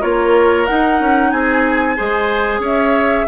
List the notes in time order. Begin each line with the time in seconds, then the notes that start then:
0.00 A#3 F4 A#4 C#5
0.66 D#4 F#5
1.00 C#4
1.31 C4 G#4 G#5
1.96 G#3 G#4 C5
2.59 C#4 C#5
2.65 E5